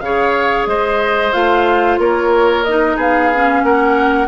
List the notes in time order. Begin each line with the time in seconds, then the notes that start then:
0.00 C#3 G#4 C#5 F5
0.66 G#3 C5 D#5
1.32 A3 F4 F5
1.98 A#3 A#4 C#5
2.64 D#4 D#5
2.96 B3 G#4 F5
3.33 C#4
3.63 A#3 A#4 F#5